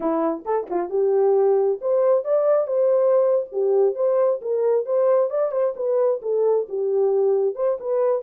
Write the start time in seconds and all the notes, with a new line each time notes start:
0.00 E4
0.45 A4
0.70 F4
0.89 G4
1.81 C5
2.24 D5
2.67 C5
3.52 G4
3.95 C5
4.41 A#4
4.85 C5
5.29 D5
5.51 C5
5.75 B4
6.22 A4
6.68 G4
7.55 C5
7.79 B4